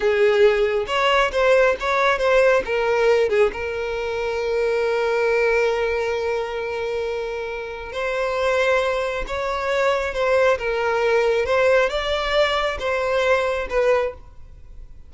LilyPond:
\new Staff \with { instrumentName = "violin" } { \time 4/4 \tempo 4 = 136 gis'2 cis''4 c''4 | cis''4 c''4 ais'4. gis'8 | ais'1~ | ais'1~ |
ais'2 c''2~ | c''4 cis''2 c''4 | ais'2 c''4 d''4~ | d''4 c''2 b'4 | }